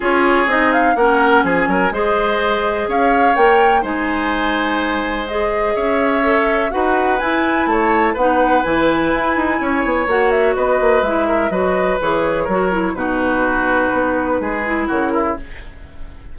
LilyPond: <<
  \new Staff \with { instrumentName = "flute" } { \time 4/4 \tempo 4 = 125 cis''4 dis''8 f''8 fis''4 gis''4 | dis''2 f''4 g''4 | gis''2. dis''4 | e''2 fis''4 gis''4 |
a''4 fis''4 gis''2~ | gis''4 fis''8 e''8 dis''4 e''4 | dis''4 cis''2 b'4~ | b'2. ais'4 | }
  \new Staff \with { instrumentName = "oboe" } { \time 4/4 gis'2 ais'4 gis'8 ais'8 | c''2 cis''2 | c''1 | cis''2 b'2 |
cis''4 b'2. | cis''2 b'4. ais'8 | b'2 ais'4 fis'4~ | fis'2 gis'4 fis'8 e'8 | }
  \new Staff \with { instrumentName = "clarinet" } { \time 4/4 f'4 dis'4 cis'2 | gis'2. ais'4 | dis'2. gis'4~ | gis'4 a'4 fis'4 e'4~ |
e'4 dis'4 e'2~ | e'4 fis'2 e'4 | fis'4 gis'4 fis'8 e'8 dis'4~ | dis'2~ dis'8 e'4. | }
  \new Staff \with { instrumentName = "bassoon" } { \time 4/4 cis'4 c'4 ais4 f8 fis8 | gis2 cis'4 ais4 | gis1 | cis'2 dis'4 e'4 |
a4 b4 e4 e'8 dis'8 | cis'8 b8 ais4 b8 ais8 gis4 | fis4 e4 fis4 b,4~ | b,4 b4 gis4 cis4 | }
>>